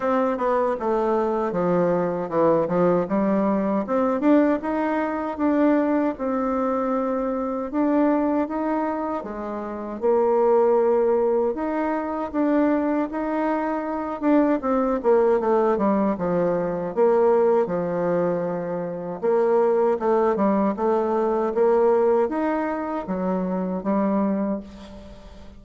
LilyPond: \new Staff \with { instrumentName = "bassoon" } { \time 4/4 \tempo 4 = 78 c'8 b8 a4 f4 e8 f8 | g4 c'8 d'8 dis'4 d'4 | c'2 d'4 dis'4 | gis4 ais2 dis'4 |
d'4 dis'4. d'8 c'8 ais8 | a8 g8 f4 ais4 f4~ | f4 ais4 a8 g8 a4 | ais4 dis'4 fis4 g4 | }